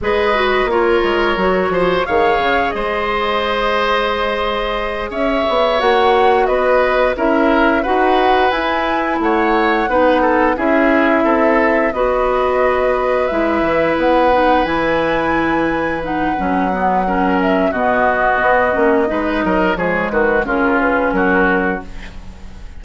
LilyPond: <<
  \new Staff \with { instrumentName = "flute" } { \time 4/4 \tempo 4 = 88 dis''4 cis''2 f''4 | dis''2.~ dis''8 e''8~ | e''8 fis''4 dis''4 e''4 fis''8~ | fis''8 gis''4 fis''2 e''8~ |
e''4. dis''2 e''8~ | e''8 fis''4 gis''2 fis''8~ | fis''4. e''8 dis''2~ | dis''4 cis''8 b'8 ais'8 b'8 ais'4 | }
  \new Staff \with { instrumentName = "oboe" } { \time 4/4 b'4 ais'4. c''8 cis''4 | c''2.~ c''8 cis''8~ | cis''4. b'4 ais'4 b'8~ | b'4. cis''4 b'8 a'8 gis'8~ |
gis'8 a'4 b'2~ b'8~ | b'1~ | b'4 ais'4 fis'2 | b'8 ais'8 gis'8 fis'8 f'4 fis'4 | }
  \new Staff \with { instrumentName = "clarinet" } { \time 4/4 gis'8 fis'8 f'4 fis'4 gis'4~ | gis'1~ | gis'8 fis'2 e'4 fis'8~ | fis'8 e'2 dis'4 e'8~ |
e'4. fis'2 e'8~ | e'4 dis'8 e'2 dis'8 | cis'8 b8 cis'4 b4. cis'8 | dis'4 gis4 cis'2 | }
  \new Staff \with { instrumentName = "bassoon" } { \time 4/4 gis4 ais8 gis8 fis8 f8 dis8 cis8 | gis2.~ gis8 cis'8 | b8 ais4 b4 cis'4 dis'8~ | dis'8 e'4 a4 b4 cis'8~ |
cis'8 c'4 b2 gis8 | e8 b4 e2~ e8 | fis2 b,4 b8 ais8 | gis8 fis8 f8 dis8 cis4 fis4 | }
>>